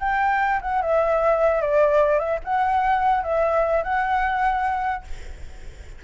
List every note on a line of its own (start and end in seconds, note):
0.00 0.60 G5
0.62 0.82 F#5
0.82 1.62 E5
1.62 2.19 D5
2.19 2.39 E5
2.44 3.24 F#5
3.24 3.83 E5
3.83 5.04 F#5